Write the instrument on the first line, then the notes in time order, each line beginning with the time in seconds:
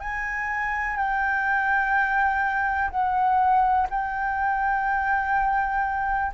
flute
0.00 G#5
0.96 G5
2.90 F#5
3.90 G5